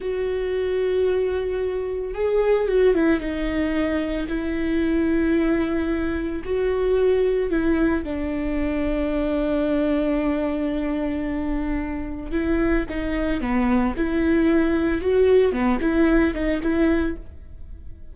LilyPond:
\new Staff \with { instrumentName = "viola" } { \time 4/4 \tempo 4 = 112 fis'1 | gis'4 fis'8 e'8 dis'2 | e'1 | fis'2 e'4 d'4~ |
d'1~ | d'2. e'4 | dis'4 b4 e'2 | fis'4 b8 e'4 dis'8 e'4 | }